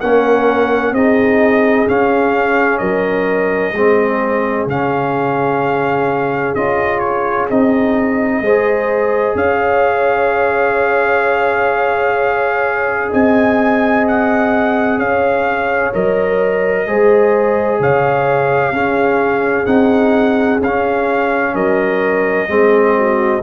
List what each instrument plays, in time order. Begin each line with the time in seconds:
0.00 tuba A#3, trombone C#4, horn A#4, trumpet F#5
0.92 tuba C4, trombone D#4, horn G#4, trumpet D#5
1.87 trombone C#4, tuba C#4, trumpet F5
2.78 tuba F#3, horn A#4, trumpet D#5
3.73 tuba G#3, trombone C4, horn G#4
4.66 tuba C#3, trombone C#4, trumpet F5
6.55 tuba C#4, trombone F4, trumpet D#5
6.99 trumpet C#5
7.50 tuba C4, trombone D#4, trumpet D#5
8.40 tuba G#3, trombone G#4, horn C5
9.35 tuba C#4, horn C#5, trumpet F5
13.10 tuba C4, horn D#5, trumpet G#5
14.08 trumpet F#5
14.97 tuba C#4, horn C#5, trumpet F5
15.93 tuba F#3, trombone A#4, trumpet D#5
16.87 tuba G#3, trombone G#4, horn C5
17.79 tuba C#3, horn C#5, trumpet F5
18.72 tuba C#4, trombone C#4, horn G#4
19.66 tuba C4, trombone D#4, trumpet F#5
20.61 tuba C#4, trombone C#4, trumpet F5
21.54 tuba F#3, horn A#4, trumpet D#5
22.48 tuba G#3, trombone C4, horn G#4
22.98 horn F#4